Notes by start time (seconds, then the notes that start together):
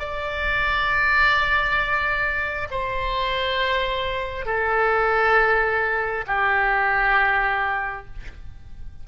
0.00 D5
2.71 C5
4.46 A4
6.27 G4